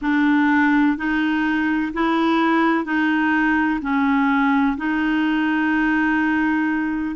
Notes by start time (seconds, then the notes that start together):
0.01 D4
0.97 D#4
1.93 E4
2.84 D#4
3.81 C#4
4.77 D#4